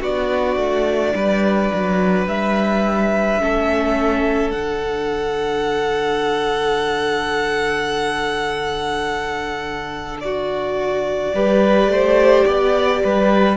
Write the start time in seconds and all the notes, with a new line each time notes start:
0.00 B3 D4 F#4 D5
0.56 A3
1.14 G3 B4
1.74 F#3
2.26 G3 E5
3.39 A3 C#4 A4
4.51 D3 D4 F#5
10.20 F#4 D5
11.34 G3 G4 B4
11.87 A3 C5
12.46 B3 D5
13.03 G3 B4